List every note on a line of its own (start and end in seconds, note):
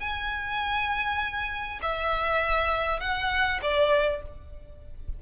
0.00 1.80 G#5
1.82 3.00 E5
3.00 3.60 F#5
3.62 4.22 D5